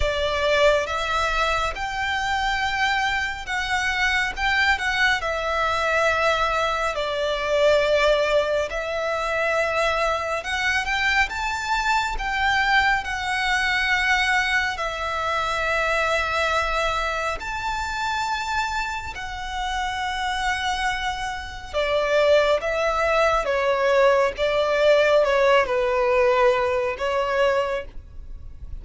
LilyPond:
\new Staff \with { instrumentName = "violin" } { \time 4/4 \tempo 4 = 69 d''4 e''4 g''2 | fis''4 g''8 fis''8 e''2 | d''2 e''2 | fis''8 g''8 a''4 g''4 fis''4~ |
fis''4 e''2. | a''2 fis''2~ | fis''4 d''4 e''4 cis''4 | d''4 cis''8 b'4. cis''4 | }